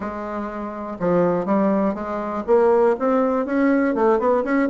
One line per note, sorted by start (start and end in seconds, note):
0.00 0.97 G#3
0.99 1.45 F3
1.45 1.94 G3
1.94 2.43 G#3
2.46 2.96 A#3
2.99 3.45 C4
3.45 3.94 C#4
3.95 4.19 A3
4.19 4.43 B3
4.44 4.68 C#4